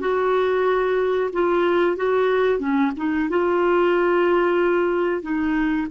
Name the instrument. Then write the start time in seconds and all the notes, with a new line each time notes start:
clarinet
0.00 F#4
1.33 F4
1.97 F#4
2.59 C#4
2.97 D#4
3.30 F4
5.22 D#4